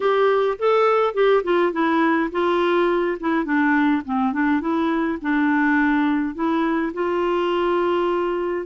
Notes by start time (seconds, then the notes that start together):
0.00 G4
0.58 A4
1.14 G4
1.43 F4
1.72 E4
2.31 F4
3.20 E4
3.44 D4
4.05 C4
4.32 D4
4.60 E4
5.21 D4
6.34 E4
6.93 F4